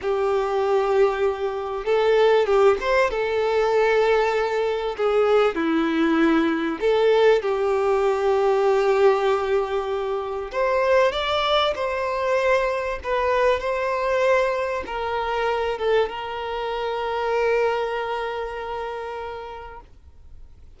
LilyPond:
\new Staff \with { instrumentName = "violin" } { \time 4/4 \tempo 4 = 97 g'2. a'4 | g'8 c''8 a'2. | gis'4 e'2 a'4 | g'1~ |
g'4 c''4 d''4 c''4~ | c''4 b'4 c''2 | ais'4. a'8 ais'2~ | ais'1 | }